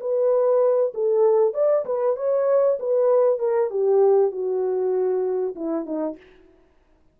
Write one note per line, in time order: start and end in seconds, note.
0.00 0.93 B4
0.94 1.54 A4
1.54 1.85 D5
1.85 2.16 B4
2.16 2.78 C#5
2.79 3.39 B4
3.39 3.70 A#4
3.70 4.31 G4
4.31 5.55 F#4
5.55 5.85 E4
5.85 6.16 D#4